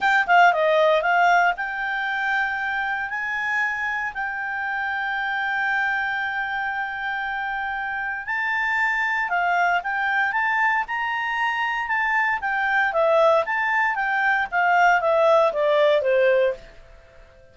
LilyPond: \new Staff \with { instrumentName = "clarinet" } { \time 4/4 \tempo 4 = 116 g''8 f''8 dis''4 f''4 g''4~ | g''2 gis''2 | g''1~ | g''1 |
a''2 f''4 g''4 | a''4 ais''2 a''4 | g''4 e''4 a''4 g''4 | f''4 e''4 d''4 c''4 | }